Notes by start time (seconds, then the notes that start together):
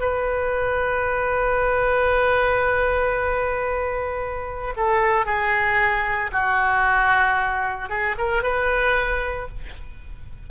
0.00 B4
4.76 A4
5.25 G#4
6.32 F#4
7.89 G#4
8.18 A#4
8.43 B4